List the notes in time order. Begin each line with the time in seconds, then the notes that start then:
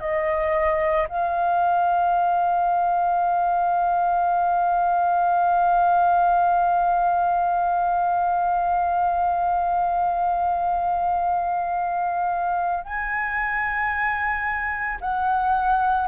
0.00 D#5
1.09 F5
12.84 G#5
15.00 F#5